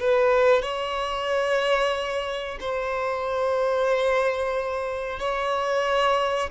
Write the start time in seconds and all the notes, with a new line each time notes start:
0.00 B4
0.63 C#5
2.61 C5
5.20 C#5